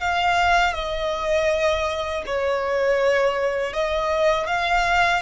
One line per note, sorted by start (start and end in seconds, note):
0.00 0.74 F5
0.74 2.24 D#5
2.26 3.73 C#5
3.73 4.47 D#5
4.47 5.22 F5